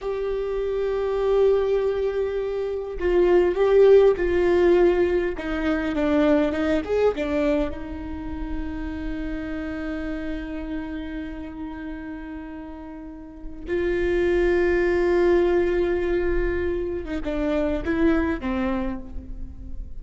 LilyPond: \new Staff \with { instrumentName = "viola" } { \time 4/4 \tempo 4 = 101 g'1~ | g'4 f'4 g'4 f'4~ | f'4 dis'4 d'4 dis'8 gis'8 | d'4 dis'2.~ |
dis'1~ | dis'2. f'4~ | f'1~ | f'8. dis'16 d'4 e'4 c'4 | }